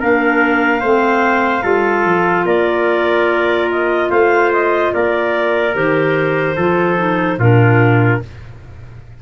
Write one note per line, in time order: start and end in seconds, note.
0.00 0.83 A#3
0.00 0.82 D4
0.00 0.81 A#4
0.00 2.47 F5
0.81 1.64 A3
0.81 1.62 C4
0.81 1.63 C5
1.62 2.05 G3
1.62 5.73 F4
1.62 2.45 A4
2.05 2.46 F3
2.46 4.10 A#3
2.46 4.10 A#4
2.46 3.70 D5
3.71 4.11 D#5
4.11 4.93 A3
4.11 4.93 C5
4.11 4.52 F5
4.53 4.93 D#5
4.93 5.76 A#3
4.93 6.56 A#4
4.93 5.76 D5
5.74 6.58 D#3
5.74 6.56 G4
5.74 7.41 C5
6.56 7.39 F3
6.56 6.97 F4
6.56 7.38 A4
6.97 7.38 D#4
7.39 8.21 A#2
7.39 8.23 D4
7.39 8.22 F4
7.39 8.23 A#4